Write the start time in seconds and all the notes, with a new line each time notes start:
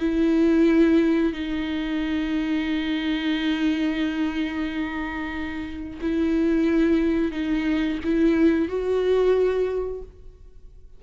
0.00 E4
1.33 D#4
6.02 E4
7.32 D#4
8.04 E4
8.69 F#4